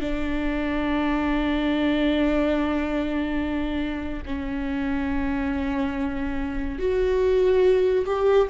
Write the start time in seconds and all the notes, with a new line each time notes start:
0.00 D4
4.25 C#4
6.78 F#4
8.05 G4